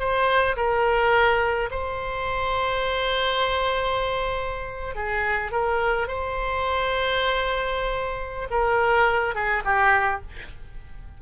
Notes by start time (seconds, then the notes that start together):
0.00 C5
0.57 A#4
1.71 C5
4.96 G#4
5.52 A#4
6.08 C5
8.51 A#4
9.35 G#4
9.65 G4